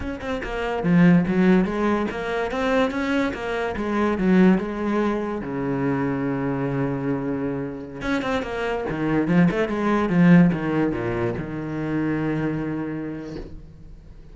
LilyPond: \new Staff \with { instrumentName = "cello" } { \time 4/4 \tempo 4 = 144 cis'8 c'8 ais4 f4 fis4 | gis4 ais4 c'4 cis'4 | ais4 gis4 fis4 gis4~ | gis4 cis2.~ |
cis2.~ cis16 cis'8 c'16~ | c'16 ais4 dis4 f8 a8 gis8.~ | gis16 f4 dis4 ais,4 dis8.~ | dis1 | }